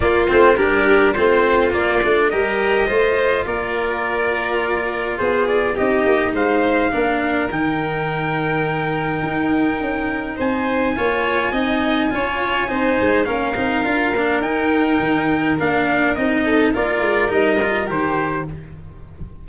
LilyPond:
<<
  \new Staff \with { instrumentName = "trumpet" } { \time 4/4 \tempo 4 = 104 d''8 c''8 ais'4 c''4 d''4 | dis''2 d''2~ | d''4 c''8 d''8 dis''4 f''4~ | f''4 g''2.~ |
g''2 gis''2~ | gis''2. f''4~ | f''4 g''2 f''4 | dis''4 d''4 dis''4 c''4 | }
  \new Staff \with { instrumentName = "violin" } { \time 4/4 f'4 g'4 f'2 | ais'4 c''4 ais'2~ | ais'4 gis'4 g'4 c''4 | ais'1~ |
ais'2 c''4 cis''4 | dis''4 cis''4 c''4 ais'4~ | ais'1~ | ais'8 a'8 ais'2. | }
  \new Staff \with { instrumentName = "cello" } { \time 4/4 ais8 c'8 d'4 c'4 ais8 d'8 | g'4 f'2.~ | f'2 dis'2 | d'4 dis'2.~ |
dis'2. f'4 | dis'4 f'4 dis'4 cis'8 dis'8 | f'8 d'8 dis'2 d'4 | dis'4 f'4 dis'8 f'8 g'4 | }
  \new Staff \with { instrumentName = "tuba" } { \time 4/4 ais8 a8 g4 a4 ais8 a8 | g4 a4 ais2~ | ais4 b4 c'8 ais8 gis4 | ais4 dis2. |
dis'4 cis'4 c'4 ais4 | c'4 cis'4 c'8 gis8 ais8 c'8 | d'8 ais8 dis'4 dis4 ais4 | c'4 ais8 gis8 g4 dis4 | }
>>